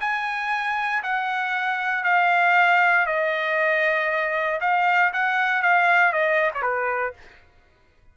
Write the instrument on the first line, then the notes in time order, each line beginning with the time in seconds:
trumpet
0.00 G#5
1.03 F#5
2.04 F5
3.06 D#5
4.61 F5
5.13 F#5
5.62 F5
6.13 D#5
6.54 C#5
6.62 B4